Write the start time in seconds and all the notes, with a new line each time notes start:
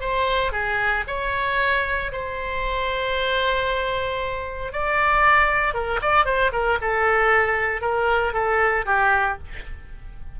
0.00 C5
0.51 G#4
1.07 C#5
2.12 C5
4.72 D5
5.74 A#4
6.01 D5
6.25 C5
6.52 A#4
6.81 A4
7.81 A#4
8.33 A4
8.85 G4